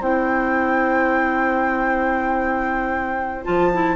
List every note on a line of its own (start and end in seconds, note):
0.00 3.46 C4
0.00 3.45 E4
0.00 3.96 C5
0.00 3.45 G5
3.45 3.96 F3
3.45 3.71 F4
3.45 3.96 A5
3.73 3.96 E4